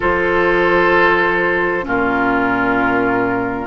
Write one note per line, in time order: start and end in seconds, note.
0.00 1.87 F3
0.00 1.82 F4
0.00 1.84 A4
0.00 1.86 C5
1.82 3.67 A#2
1.82 3.67 C#4
1.82 3.67 F4
1.82 3.67 A#4